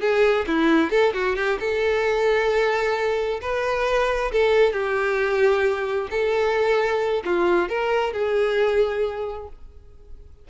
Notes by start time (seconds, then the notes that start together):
0.00 G#4
0.47 E4
0.90 A4
1.13 F#4
1.36 G4
1.59 A4
3.41 B4
4.31 A4
4.72 G4
6.10 A4
7.24 F4
7.69 A#4
8.13 G#4